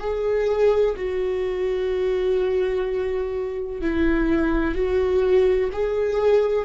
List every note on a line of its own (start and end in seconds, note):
0.00 0.95 G#4
0.96 3.81 F#4
3.81 4.75 E4
4.75 5.70 F#4
5.72 6.65 G#4